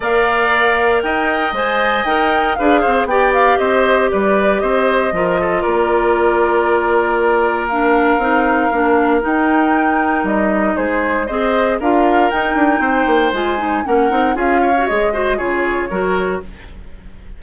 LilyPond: <<
  \new Staff \with { instrumentName = "flute" } { \time 4/4 \tempo 4 = 117 f''2 g''4 gis''4 | g''4 f''4 g''8 f''8 dis''4 | d''4 dis''2 d''4~ | d''2. f''4~ |
f''2 g''2 | dis''4 c''4 dis''4 f''4 | g''2 gis''4 fis''4 | f''4 dis''4 cis''2 | }
  \new Staff \with { instrumentName = "oboe" } { \time 4/4 d''2 dis''2~ | dis''4 b'8 c''8 d''4 c''4 | b'4 c''4 ais'8 a'8 ais'4~ | ais'1~ |
ais'1~ | ais'4 gis'4 c''4 ais'4~ | ais'4 c''2 ais'4 | gis'8 cis''4 c''8 gis'4 ais'4 | }
  \new Staff \with { instrumentName = "clarinet" } { \time 4/4 ais'2. c''4 | ais'4 gis'4 g'2~ | g'2 f'2~ | f'2. d'4 |
dis'4 d'4 dis'2~ | dis'2 gis'4 f'4 | dis'2 f'8 dis'8 cis'8 dis'8 | f'8. fis'16 gis'8 fis'8 f'4 fis'4 | }
  \new Staff \with { instrumentName = "bassoon" } { \time 4/4 ais2 dis'4 gis4 | dis'4 d'8 c'8 b4 c'4 | g4 c'4 f4 ais4~ | ais1 |
c'4 ais4 dis'2 | g4 gis4 c'4 d'4 | dis'8 d'8 c'8 ais8 gis4 ais8 c'8 | cis'4 gis4 cis4 fis4 | }
>>